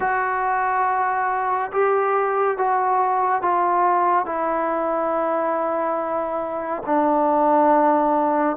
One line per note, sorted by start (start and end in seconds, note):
0.00 1.71 F#4
1.71 2.57 G4
2.57 3.41 F#4
3.41 4.25 F4
4.25 6.83 E4
6.86 8.56 D4